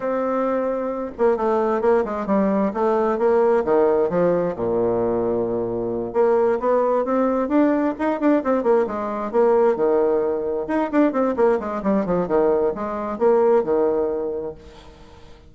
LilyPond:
\new Staff \with { instrumentName = "bassoon" } { \time 4/4 \tempo 4 = 132 c'2~ c'8 ais8 a4 | ais8 gis8 g4 a4 ais4 | dis4 f4 ais,2~ | ais,4. ais4 b4 c'8~ |
c'8 d'4 dis'8 d'8 c'8 ais8 gis8~ | gis8 ais4 dis2 dis'8 | d'8 c'8 ais8 gis8 g8 f8 dis4 | gis4 ais4 dis2 | }